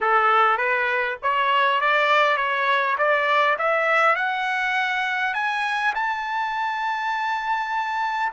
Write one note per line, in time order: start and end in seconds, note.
0.01 0.57 A4
0.57 1.17 B4
1.22 1.80 C#5
1.80 2.37 D5
2.37 2.96 C#5
2.98 3.57 D5
3.58 4.15 E5
4.15 5.34 F#5
5.34 5.93 G#5
5.95 8.32 A5